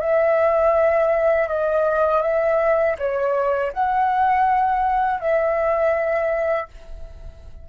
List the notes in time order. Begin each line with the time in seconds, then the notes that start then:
0.00 E5
1.48 D#5
2.22 E5
2.98 C#5
3.72 F#5
5.20 E5